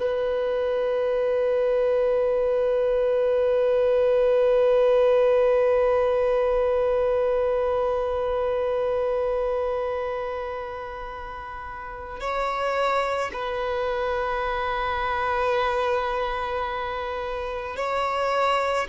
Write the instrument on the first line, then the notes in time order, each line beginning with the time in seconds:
violin
0.00 B4
12.20 C#5
13.33 B4
17.76 C#5